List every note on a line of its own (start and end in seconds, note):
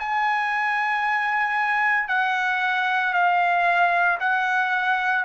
0.00 2.09 G#5
2.09 3.14 F#5
3.14 4.19 F5
4.20 5.25 F#5